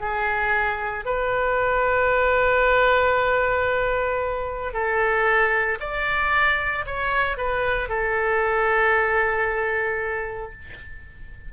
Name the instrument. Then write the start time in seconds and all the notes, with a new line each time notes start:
oboe
0.00 G#4
1.05 B4
4.73 A4
5.80 D5
6.86 C#5
7.37 B4
7.89 A4